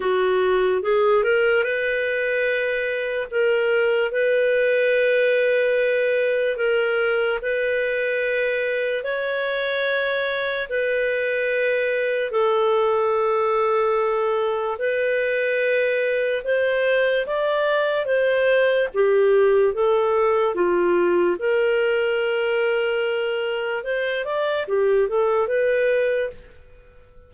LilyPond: \new Staff \with { instrumentName = "clarinet" } { \time 4/4 \tempo 4 = 73 fis'4 gis'8 ais'8 b'2 | ais'4 b'2. | ais'4 b'2 cis''4~ | cis''4 b'2 a'4~ |
a'2 b'2 | c''4 d''4 c''4 g'4 | a'4 f'4 ais'2~ | ais'4 c''8 d''8 g'8 a'8 b'4 | }